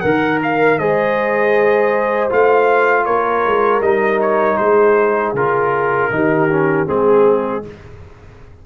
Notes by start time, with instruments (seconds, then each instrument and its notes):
0.00 tuba D#3, horn A#4, trombone A#4, trumpet F#5
0.43 trumpet F5
0.78 tuba G#3, trombone G#4, horn C5, trumpet D#5
2.29 tuba A3, trombone F4, trumpet F5
3.05 tuba A#3, horn A#4, trumpet C#5
3.45 tuba G#3
3.80 tuba G3, trombone D#4, trumpet D#5
4.21 trumpet C#5
4.57 tuba G#3, horn G#4, trumpet C5
5.33 tuba C#3, trombone F4, trumpet A#4
6.10 tuba D#3, trombone D#4, horn G4
6.50 trombone C#4
6.86 tuba G#3, trombone C4, trumpet G#4, horn G#4